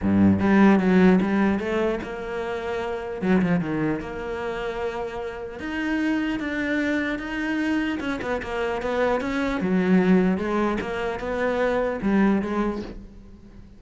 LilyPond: \new Staff \with { instrumentName = "cello" } { \time 4/4 \tempo 4 = 150 g,4 g4 fis4 g4 | a4 ais2. | fis8 f8 dis4 ais2~ | ais2 dis'2 |
d'2 dis'2 | cis'8 b8 ais4 b4 cis'4 | fis2 gis4 ais4 | b2 g4 gis4 | }